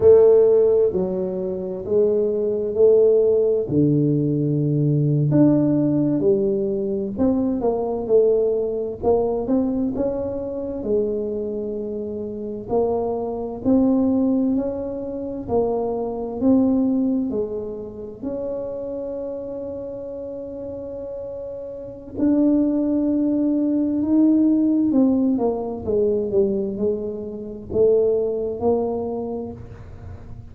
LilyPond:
\new Staff \with { instrumentName = "tuba" } { \time 4/4 \tempo 4 = 65 a4 fis4 gis4 a4 | d4.~ d16 d'4 g4 c'16~ | c'16 ais8 a4 ais8 c'8 cis'4 gis16~ | gis4.~ gis16 ais4 c'4 cis'16~ |
cis'8. ais4 c'4 gis4 cis'16~ | cis'1 | d'2 dis'4 c'8 ais8 | gis8 g8 gis4 a4 ais4 | }